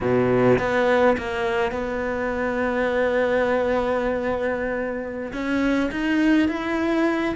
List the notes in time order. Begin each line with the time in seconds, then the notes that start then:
0.00 B2
0.58 B3
1.17 A#3
1.71 B3
5.32 C#4
5.91 D#4
6.48 E4